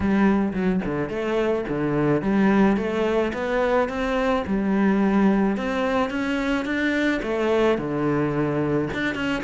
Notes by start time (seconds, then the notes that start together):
0.00 G3
0.53 F#3
0.84 D3
1.09 A3
1.68 D3
2.21 G3
2.76 A3
3.33 B3
3.88 C4
4.46 G3
5.57 C4
6.10 C#4
6.65 D4
7.22 A3
7.78 D3
8.93 D4
9.14 C#4